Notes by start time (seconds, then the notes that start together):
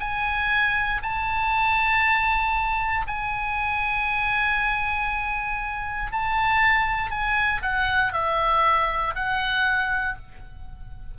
0.00 G#5
1.03 A5
3.07 G#5
6.12 A5
7.11 G#5
7.63 F#5
8.13 E5
9.16 F#5